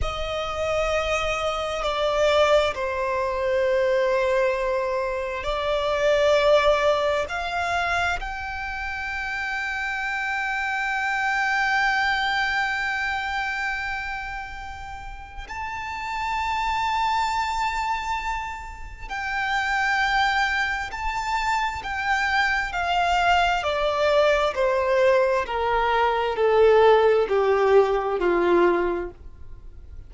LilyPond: \new Staff \with { instrumentName = "violin" } { \time 4/4 \tempo 4 = 66 dis''2 d''4 c''4~ | c''2 d''2 | f''4 g''2.~ | g''1~ |
g''4 a''2.~ | a''4 g''2 a''4 | g''4 f''4 d''4 c''4 | ais'4 a'4 g'4 f'4 | }